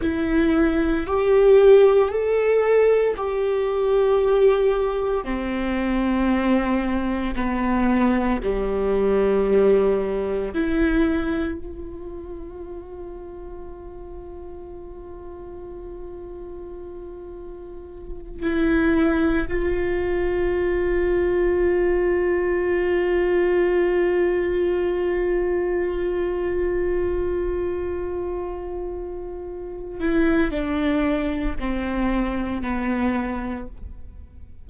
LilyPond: \new Staff \with { instrumentName = "viola" } { \time 4/4 \tempo 4 = 57 e'4 g'4 a'4 g'4~ | g'4 c'2 b4 | g2 e'4 f'4~ | f'1~ |
f'4. e'4 f'4.~ | f'1~ | f'1~ | f'8 e'8 d'4 c'4 b4 | }